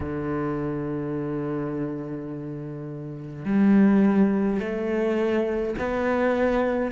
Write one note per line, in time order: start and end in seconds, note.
0.00 3.45 D3
3.45 4.59 G3
4.59 5.75 A3
5.78 6.91 B3